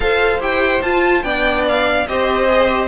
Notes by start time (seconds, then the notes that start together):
0.00 F4 A4 C5 F5
0.39 E4 G4 G5
0.82 F4 A5
1.23 B3 D4 D5 G5
1.68 F5
2.07 C4 G4 C5 D#5
2.48 G#4
2.68 G4